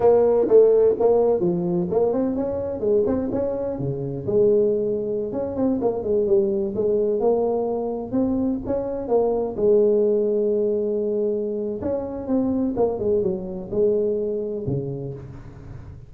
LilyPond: \new Staff \with { instrumentName = "tuba" } { \time 4/4 \tempo 4 = 127 ais4 a4 ais4 f4 | ais8 c'8 cis'4 gis8 c'8 cis'4 | cis4 gis2~ gis16 cis'8 c'16~ | c'16 ais8 gis8 g4 gis4 ais8.~ |
ais4~ ais16 c'4 cis'4 ais8.~ | ais16 gis2.~ gis8.~ | gis4 cis'4 c'4 ais8 gis8 | fis4 gis2 cis4 | }